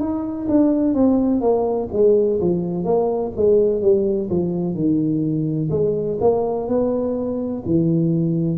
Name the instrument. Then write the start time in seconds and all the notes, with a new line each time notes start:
tuba
0.00 D#4
0.48 D4
0.94 C4
1.41 A#3
1.92 G#3
2.41 F3
2.84 A#3
3.36 G#3
3.81 G3
4.29 F3
4.74 D#3
5.70 G#3
6.20 A#3
6.68 B3
7.65 E3